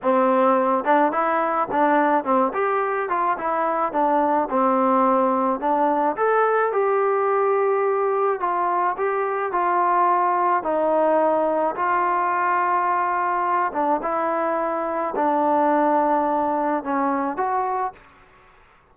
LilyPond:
\new Staff \with { instrumentName = "trombone" } { \time 4/4 \tempo 4 = 107 c'4. d'8 e'4 d'4 | c'8 g'4 f'8 e'4 d'4 | c'2 d'4 a'4 | g'2. f'4 |
g'4 f'2 dis'4~ | dis'4 f'2.~ | f'8 d'8 e'2 d'4~ | d'2 cis'4 fis'4 | }